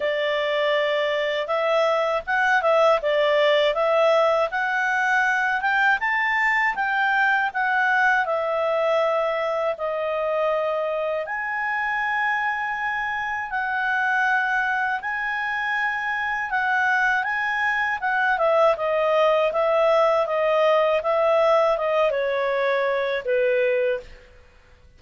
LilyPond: \new Staff \with { instrumentName = "clarinet" } { \time 4/4 \tempo 4 = 80 d''2 e''4 fis''8 e''8 | d''4 e''4 fis''4. g''8 | a''4 g''4 fis''4 e''4~ | e''4 dis''2 gis''4~ |
gis''2 fis''2 | gis''2 fis''4 gis''4 | fis''8 e''8 dis''4 e''4 dis''4 | e''4 dis''8 cis''4. b'4 | }